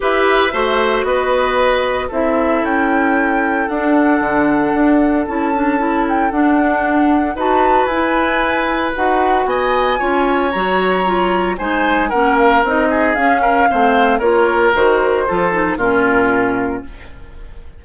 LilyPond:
<<
  \new Staff \with { instrumentName = "flute" } { \time 4/4 \tempo 4 = 114 e''2 dis''2 | e''4 g''2 fis''4~ | fis''2 a''4. g''8 | fis''2 a''4 gis''4~ |
gis''4 fis''4 gis''2 | ais''2 gis''4 fis''8 f''8 | dis''4 f''2 cis''4 | c''2 ais'2 | }
  \new Staff \with { instrumentName = "oboe" } { \time 4/4 b'4 c''4 b'2 | a'1~ | a'1~ | a'2 b'2~ |
b'2 dis''4 cis''4~ | cis''2 c''4 ais'4~ | ais'8 gis'4 ais'8 c''4 ais'4~ | ais'4 a'4 f'2 | }
  \new Staff \with { instrumentName = "clarinet" } { \time 4/4 g'4 fis'2. | e'2. d'4~ | d'2 e'8 d'8 e'4 | d'2 fis'4 e'4~ |
e'4 fis'2 f'4 | fis'4 f'4 dis'4 cis'4 | dis'4 cis'4 c'4 f'4 | fis'4 f'8 dis'8 cis'2 | }
  \new Staff \with { instrumentName = "bassoon" } { \time 4/4 e'4 a4 b2 | c'4 cis'2 d'4 | d4 d'4 cis'2 | d'2 dis'4 e'4~ |
e'4 dis'4 b4 cis'4 | fis2 gis4 ais4 | c'4 cis'4 a4 ais4 | dis4 f4 ais,2 | }
>>